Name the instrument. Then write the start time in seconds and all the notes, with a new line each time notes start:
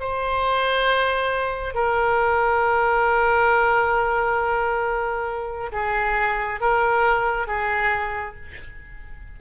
oboe
0.00 C5
1.74 A#4
5.72 G#4
6.61 A#4
7.47 G#4